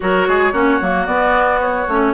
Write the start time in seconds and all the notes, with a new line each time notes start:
0.00 F#3 F#4 A#4 C#5
0.27 G#3 G#4
0.52 A#3 C#4 F#4
0.80 F#3 A#3
1.06 B3 D5
1.61 C#5
1.87 A3 C#4